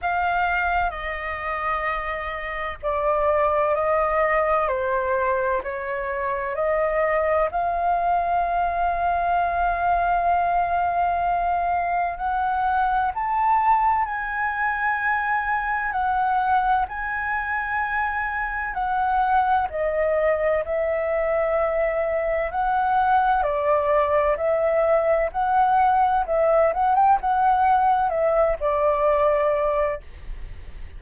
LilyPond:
\new Staff \with { instrumentName = "flute" } { \time 4/4 \tempo 4 = 64 f''4 dis''2 d''4 | dis''4 c''4 cis''4 dis''4 | f''1~ | f''4 fis''4 a''4 gis''4~ |
gis''4 fis''4 gis''2 | fis''4 dis''4 e''2 | fis''4 d''4 e''4 fis''4 | e''8 fis''16 g''16 fis''4 e''8 d''4. | }